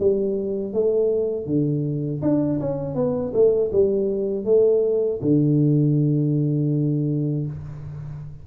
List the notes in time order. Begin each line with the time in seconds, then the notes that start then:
0.00 G3
0.74 A3
1.46 D3
2.22 D4
2.60 C#4
2.95 B3
3.34 A3
3.72 G3
4.45 A3
5.22 D3